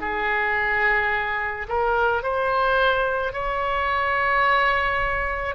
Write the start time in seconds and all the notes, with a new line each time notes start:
0.00 G#4
1.68 A#4
2.23 C5
3.33 C#5